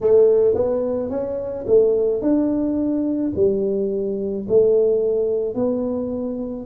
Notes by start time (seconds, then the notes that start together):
0.00 A3
0.54 B3
1.10 C#4
1.67 A3
2.21 D4
3.35 G3
4.48 A3
5.55 B3